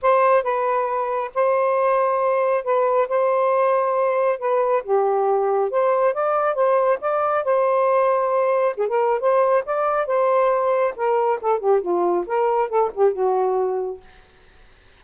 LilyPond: \new Staff \with { instrumentName = "saxophone" } { \time 4/4 \tempo 4 = 137 c''4 b'2 c''4~ | c''2 b'4 c''4~ | c''2 b'4 g'4~ | g'4 c''4 d''4 c''4 |
d''4 c''2. | gis'16 ais'8. c''4 d''4 c''4~ | c''4 ais'4 a'8 g'8 f'4 | ais'4 a'8 g'8 fis'2 | }